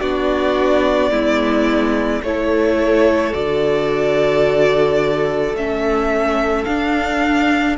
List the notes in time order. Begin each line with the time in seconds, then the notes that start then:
0.00 B3 D4 F#4 D5
1.10 G#3 B3 E4
2.22 A3 E4 A4 C#5
3.33 D3 F#4 D5
5.53 A3 C#4 E5
6.65 D4 F5